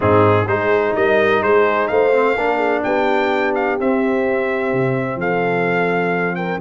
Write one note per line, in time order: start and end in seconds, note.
0.00 0.47 G#2
0.00 0.45 C4
0.00 0.48 D#4
0.00 0.47 G#4
0.47 0.94 G#3
0.47 2.12 D#4
0.47 0.95 G#4
0.47 0.94 C5
0.95 1.42 G3
0.95 1.43 A#4
0.95 1.42 D#5
1.42 1.89 G#3
1.42 1.90 G#4
1.42 1.87 C5
1.87 2.36 A3
1.87 2.33 C5
1.87 2.82 F5
2.12 2.36 C4
2.33 2.83 A#3
2.33 3.79 D4
2.33 2.57 A#4
2.57 2.80 G#4
2.83 3.79 B3
2.83 5.18 G4
2.83 3.54 G5
3.55 3.78 F5
3.79 6.61 C4
3.79 4.72 C4
3.79 5.20 E5
4.72 5.16 C3
5.16 6.57 F3
5.16 6.36 A4
5.16 6.35 F5
6.35 6.60 A#4
6.35 6.59 G5